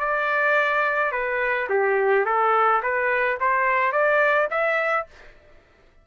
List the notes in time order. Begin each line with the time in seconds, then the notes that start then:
0.00 D5
1.12 B4
1.69 G4
2.26 A4
2.83 B4
3.40 C5
3.92 D5
4.51 E5